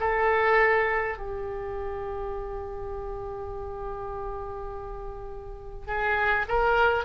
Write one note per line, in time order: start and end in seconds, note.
0.00 1.18 A4
1.18 5.87 G4
5.87 6.46 G#4
6.49 7.05 A#4